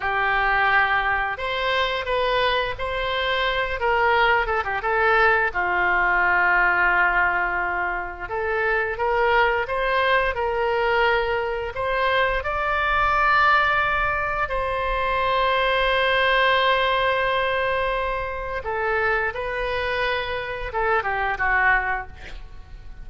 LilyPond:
\new Staff \with { instrumentName = "oboe" } { \time 4/4 \tempo 4 = 87 g'2 c''4 b'4 | c''4. ais'4 a'16 g'16 a'4 | f'1 | a'4 ais'4 c''4 ais'4~ |
ais'4 c''4 d''2~ | d''4 c''2.~ | c''2. a'4 | b'2 a'8 g'8 fis'4 | }